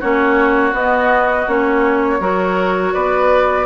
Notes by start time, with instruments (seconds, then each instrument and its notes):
0.00 bassoon A#3, clarinet C#4, oboe F#4, flute C#5
0.72 clarinet B3, bassoon B3, flute D#5
1.47 bassoon A#3, clarinet C#4, flute C#5
2.20 bassoon F#3, clarinet F#4, oboe A#4
2.93 bassoon B3, oboe B4, flute D5